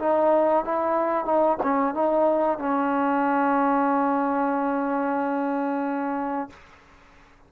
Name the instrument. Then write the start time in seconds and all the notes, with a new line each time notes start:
trombone
0.00 D#4
0.65 E4
1.25 D#4
1.63 C#4
1.95 D#4
2.59 C#4